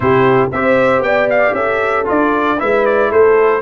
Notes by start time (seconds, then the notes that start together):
0.00 C3 E4 G4 C5
0.52 C4 G4 C5 E5
0.99 B3 D5 G5
1.29 F5
1.53 C#4 A4 E5
2.05 D4 F4 D5
2.58 G#3 E4 B4 E5
2.85 D5
3.09 A3 A4 C5